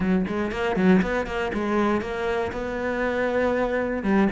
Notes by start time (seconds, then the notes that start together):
0.00 F#3
0.27 G#3
0.51 A#3
0.76 F#3
1.02 B3
1.26 A#3
1.53 G#3
2.01 A#3
2.52 B3
4.03 G3